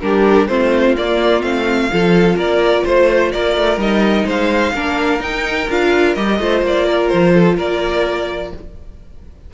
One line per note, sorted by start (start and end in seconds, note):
0.00 0.48 G3
0.00 0.48 D4
0.00 0.49 G4
0.00 0.47 A#4
0.47 0.95 A3
0.47 0.95 C4
0.47 1.91 F4
0.47 0.95 C5
0.96 1.42 A#3
0.96 1.43 A#3
0.96 1.42 D5
1.42 1.90 A3
1.42 1.89 C4
1.42 2.36 F5
1.92 2.35 F3
1.92 3.78 F4
1.92 2.36 A4
2.35 2.82 A#3
2.35 2.83 A#4
2.35 2.86 D5
2.83 3.33 A3
2.83 3.30 C5
2.83 3.32 C5
3.32 3.56 A#3
3.32 4.25 A#4
3.32 3.79 D5
3.56 3.77 A3
3.77 4.24 G3
3.77 4.73 D#4
3.77 4.26 D#5
4.25 4.73 G#3
4.25 4.73 C5
4.25 5.22 F5
4.73 5.19 A#3
4.73 5.20 D4
4.73 6.40 A#4
5.19 5.66 D#4
5.19 5.67 D#4
5.19 5.69 G5
5.69 6.16 D4
5.69 6.16 F4
5.69 6.14 F5
6.14 6.39 G3
6.14 6.40 G4
6.14 6.62 D#5
6.39 6.61 A3
6.39 8.52 F4
6.39 6.86 C5
6.61 7.09 A#3
6.61 7.08 D5
6.86 7.33 A#4
7.08 7.58 F3
7.08 7.55 C5
7.33 7.56 A4
7.56 8.52 A#3
7.56 8.51 A#4
7.56 8.53 D5